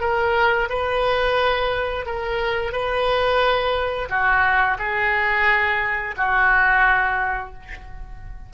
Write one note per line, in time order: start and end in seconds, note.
0.00 0.68 A#4
0.69 2.05 B4
2.05 2.72 A#4
2.72 4.08 B4
4.09 4.77 F#4
4.79 6.15 G#4
6.17 7.53 F#4